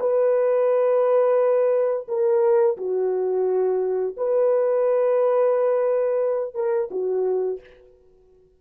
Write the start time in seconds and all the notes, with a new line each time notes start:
0.00 B4
2.08 A#4
2.78 F#4
4.17 B4
6.55 A#4
6.91 F#4